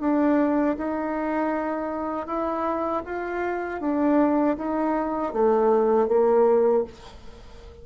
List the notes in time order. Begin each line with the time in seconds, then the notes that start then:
0.00 D4
0.77 D#4
2.26 E4
3.05 F4
3.80 D4
4.57 D#4
5.33 A3
6.08 A#3